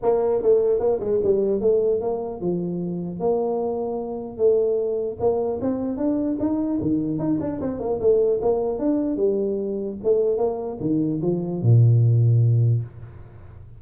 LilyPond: \new Staff \with { instrumentName = "tuba" } { \time 4/4 \tempo 4 = 150 ais4 a4 ais8 gis8 g4 | a4 ais4 f2 | ais2. a4~ | a4 ais4 c'4 d'4 |
dis'4 dis4 dis'8 d'8 c'8 ais8 | a4 ais4 d'4 g4~ | g4 a4 ais4 dis4 | f4 ais,2. | }